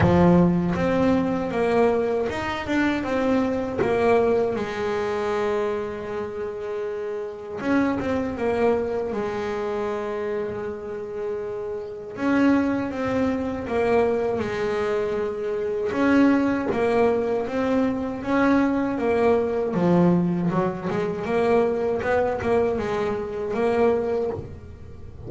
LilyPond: \new Staff \with { instrumentName = "double bass" } { \time 4/4 \tempo 4 = 79 f4 c'4 ais4 dis'8 d'8 | c'4 ais4 gis2~ | gis2 cis'8 c'8 ais4 | gis1 |
cis'4 c'4 ais4 gis4~ | gis4 cis'4 ais4 c'4 | cis'4 ais4 f4 fis8 gis8 | ais4 b8 ais8 gis4 ais4 | }